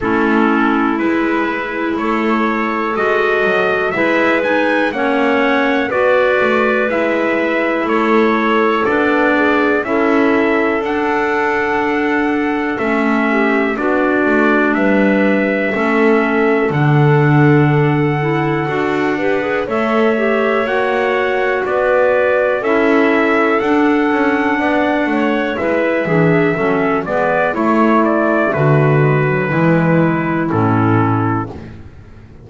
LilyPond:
<<
  \new Staff \with { instrumentName = "trumpet" } { \time 4/4 \tempo 4 = 61 a'4 b'4 cis''4 dis''4 | e''8 gis''8 fis''4 d''4 e''4 | cis''4 d''4 e''4 fis''4~ | fis''4 e''4 d''4 e''4~ |
e''4 fis''2. | e''4 fis''4 d''4 e''4 | fis''2 e''4. d''8 | cis''8 d''8 b'2 a'4 | }
  \new Staff \with { instrumentName = "clarinet" } { \time 4/4 e'2 a'2 | b'4 cis''4 b'2 | a'4. gis'8 a'2~ | a'4. g'8 fis'4 b'4 |
a'2.~ a'8 b'8 | cis''2 b'4 a'4~ | a'4 d''8 cis''8 b'8 gis'8 a'8 b'8 | e'4 fis'4 e'2 | }
  \new Staff \with { instrumentName = "clarinet" } { \time 4/4 cis'4 e'2 fis'4 | e'8 dis'8 cis'4 fis'4 e'4~ | e'4 d'4 e'4 d'4~ | d'4 cis'4 d'2 |
cis'4 d'4. e'8 fis'8 g'16 gis'16 | a'8 g'8 fis'2 e'4 | d'2 e'8 d'8 cis'8 b8 | a4. gis16 fis16 gis4 cis'4 | }
  \new Staff \with { instrumentName = "double bass" } { \time 4/4 a4 gis4 a4 gis8 fis8 | gis4 ais4 b8 a8 gis4 | a4 b4 cis'4 d'4~ | d'4 a4 b8 a8 g4 |
a4 d2 d'4 | a4 ais4 b4 cis'4 | d'8 cis'8 b8 a8 gis8 e8 fis8 gis8 | a4 d4 e4 a,4 | }
>>